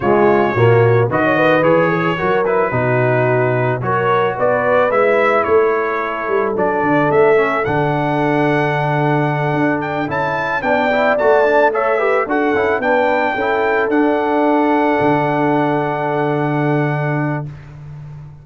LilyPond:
<<
  \new Staff \with { instrumentName = "trumpet" } { \time 4/4 \tempo 4 = 110 cis''2 dis''4 cis''4~ | cis''8 b'2~ b'8 cis''4 | d''4 e''4 cis''2 | d''4 e''4 fis''2~ |
fis''2 g''8 a''4 g''8~ | g''8 a''4 e''4 fis''4 g''8~ | g''4. fis''2~ fis''8~ | fis''1 | }
  \new Staff \with { instrumentName = "horn" } { \time 4/4 f'4 fis'4 b'16 cis''16 b'4 gis'8 | ais'4 fis'2 ais'4 | b'2 a'2~ | a'1~ |
a'2.~ a'8 d''8~ | d''4. cis''8 b'8 a'4 b'8~ | b'8 a'2.~ a'8~ | a'1 | }
  \new Staff \with { instrumentName = "trombone" } { \time 4/4 gis4 ais4 fis'4 gis'4 | fis'8 e'8 dis'2 fis'4~ | fis'4 e'2. | d'4. cis'8 d'2~ |
d'2~ d'8 e'4 d'8 | e'8 fis'8 d'8 a'8 g'8 fis'8 e'8 d'8~ | d'8 e'4 d'2~ d'8~ | d'1 | }
  \new Staff \with { instrumentName = "tuba" } { \time 4/4 cis4 ais,4 dis4 e4 | fis4 b,2 fis4 | b4 gis4 a4. g8 | fis8 d8 a4 d2~ |
d4. d'4 cis'4 b8~ | b8 a2 d'8 cis'8 b8~ | b8 cis'4 d'2 d8~ | d1 | }
>>